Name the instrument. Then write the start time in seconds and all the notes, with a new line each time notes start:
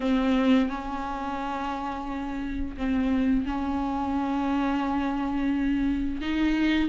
viola
0.00 C4
0.69 C#4
2.76 C4
3.45 C#4
6.21 D#4